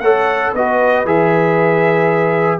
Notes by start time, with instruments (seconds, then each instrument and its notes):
0.00 tuba A3, trombone A4, horn C#5, trumpet F#5
0.54 tuba B3, trombone F#4, horn B4, trumpet D#5
1.05 tuba E3, trombone G#4, trumpet E5